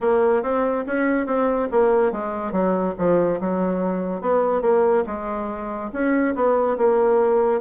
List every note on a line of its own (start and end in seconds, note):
0.00 0.42 A#3
0.42 0.85 C4
0.86 1.26 C#4
1.26 1.68 C4
1.71 2.12 A#3
2.12 2.52 G#3
2.52 2.94 F#3
2.98 3.40 F3
3.40 4.21 F#3
4.21 4.61 B3
4.61 5.04 A#3
5.06 5.90 G#3
5.92 6.35 C#4
6.35 6.77 B3
6.77 7.61 A#3